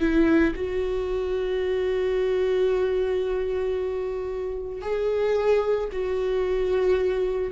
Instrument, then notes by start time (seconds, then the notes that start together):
viola
0.00 E4
0.55 F#4
4.82 G#4
5.92 F#4